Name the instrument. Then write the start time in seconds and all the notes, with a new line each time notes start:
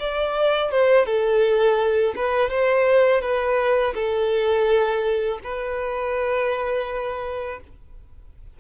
violin
0.00 D5
0.71 C5
1.06 A4
2.17 B4
2.50 C5
3.22 B4
3.95 A4
5.44 B4